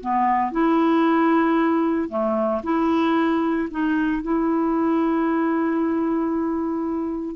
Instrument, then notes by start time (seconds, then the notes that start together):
clarinet
0.00 B3
0.51 E4
2.09 A3
2.63 E4
3.70 D#4
4.22 E4